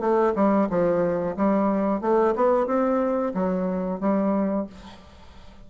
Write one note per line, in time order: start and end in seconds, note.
0.00 0.33 A3
0.35 0.68 G3
0.69 1.36 F3
1.36 2.01 G3
2.01 2.34 A3
2.35 2.66 B3
2.66 3.33 C4
3.34 4.00 F#3
4.00 4.67 G3